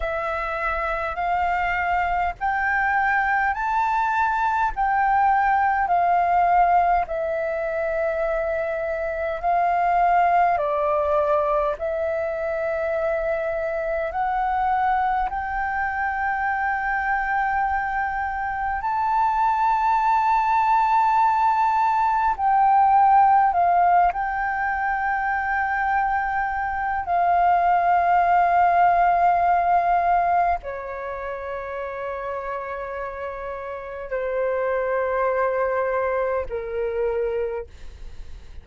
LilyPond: \new Staff \with { instrumentName = "flute" } { \time 4/4 \tempo 4 = 51 e''4 f''4 g''4 a''4 | g''4 f''4 e''2 | f''4 d''4 e''2 | fis''4 g''2. |
a''2. g''4 | f''8 g''2~ g''8 f''4~ | f''2 cis''2~ | cis''4 c''2 ais'4 | }